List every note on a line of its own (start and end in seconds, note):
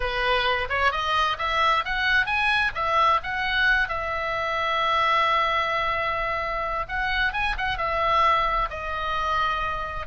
0.00 0.68 B4
0.69 0.91 C#5
0.91 1.37 D#5
1.38 1.84 E5
1.84 2.25 F#5
2.25 2.71 G#5
2.74 3.20 E5
3.23 3.88 F#5
3.88 6.86 E5
6.88 7.32 F#5
7.32 7.55 G#5
7.57 7.77 F#5
7.77 8.69 E5
8.70 10.06 D#5